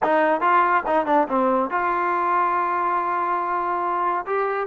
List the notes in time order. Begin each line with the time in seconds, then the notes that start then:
0.02 D#4
0.40 F4
0.86 D#4
1.06 D4
1.28 C4
1.70 F4
4.26 G4